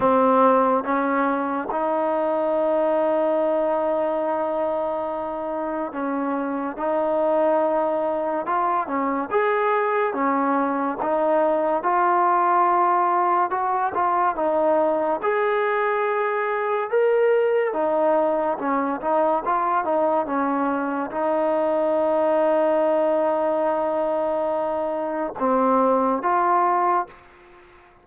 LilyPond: \new Staff \with { instrumentName = "trombone" } { \time 4/4 \tempo 4 = 71 c'4 cis'4 dis'2~ | dis'2. cis'4 | dis'2 f'8 cis'8 gis'4 | cis'4 dis'4 f'2 |
fis'8 f'8 dis'4 gis'2 | ais'4 dis'4 cis'8 dis'8 f'8 dis'8 | cis'4 dis'2.~ | dis'2 c'4 f'4 | }